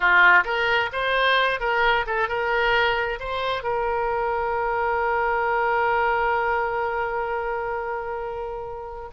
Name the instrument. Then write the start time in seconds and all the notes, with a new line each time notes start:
oboe
0.00 F4
0.44 A#4
0.92 C5
1.60 A#4
2.06 A4
2.28 A#4
3.19 C5
3.63 A#4